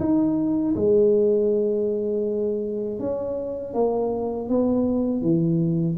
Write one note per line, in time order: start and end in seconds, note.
0.00 0.75 D#4
0.76 3.00 G#3
3.00 3.74 C#4
3.74 4.49 A#3
4.49 5.22 B3
5.22 5.97 E3